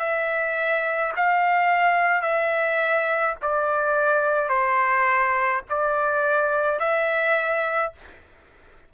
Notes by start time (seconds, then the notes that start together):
0.00 E5
1.17 F5
2.22 E5
3.42 D5
4.49 C5
5.70 D5
6.80 E5